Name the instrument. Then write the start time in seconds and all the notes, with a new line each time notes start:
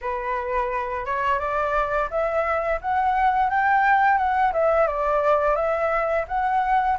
flute
0.01 B4
1.05 C#5
1.39 D5
2.10 E5
2.81 F#5
3.50 G5
4.17 F#5
4.52 E5
4.87 D5
5.55 E5
6.28 F#5